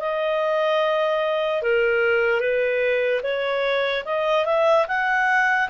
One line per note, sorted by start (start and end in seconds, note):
0.00 1.62 D#5
1.62 2.40 A#4
2.40 3.21 B4
3.23 4.04 C#5
4.05 4.46 D#5
4.46 4.86 E5
4.88 5.69 F#5